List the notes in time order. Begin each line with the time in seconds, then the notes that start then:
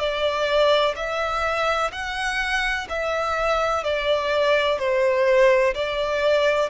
0.00 D5
0.97 E5
1.92 F#5
2.89 E5
3.84 D5
4.79 C5
5.74 D5